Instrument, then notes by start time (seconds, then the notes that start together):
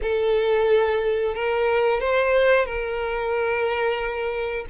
violin
0.02 A4
1.34 A#4
2.00 C5
2.65 A#4